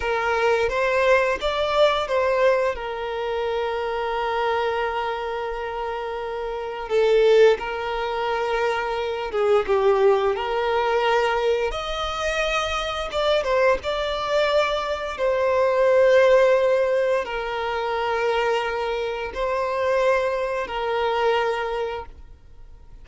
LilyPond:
\new Staff \with { instrumentName = "violin" } { \time 4/4 \tempo 4 = 87 ais'4 c''4 d''4 c''4 | ais'1~ | ais'2 a'4 ais'4~ | ais'4. gis'8 g'4 ais'4~ |
ais'4 dis''2 d''8 c''8 | d''2 c''2~ | c''4 ais'2. | c''2 ais'2 | }